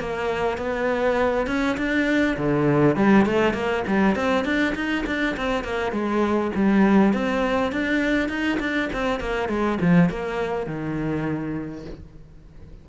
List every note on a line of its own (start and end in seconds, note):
0.00 0.58 A#3
0.58 1.47 B3
1.47 1.77 C#4
1.77 2.37 D4
2.37 2.96 D3
2.96 3.26 G3
3.26 3.54 A3
3.54 3.83 A#3
3.87 4.15 G3
4.15 4.45 C4
4.45 4.74 D4
4.75 5.05 D#4
5.06 5.36 D4
5.37 5.64 C4
5.64 5.92 A#3
5.92 6.51 G#3
6.55 7.13 G3
7.13 7.72 C4
7.72 8.29 D4
8.29 8.58 D#4
8.60 8.89 D4
8.93 9.20 C4
9.20 9.49 A#3
9.49 9.78 G#3
9.81 10.09 F3
10.09 10.66 A#3
10.66 11.85 D#3